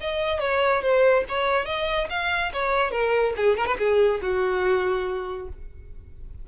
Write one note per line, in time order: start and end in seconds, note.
0.00 0.39 D#5
0.39 0.82 C#5
0.82 1.24 C5
1.28 1.65 C#5
1.65 2.07 D#5
2.10 2.52 F5
2.53 2.91 C#5
2.91 3.33 A#4
3.36 3.57 G#4
3.57 3.66 A#4
3.66 3.77 B4
3.78 4.20 G#4
4.21 5.48 F#4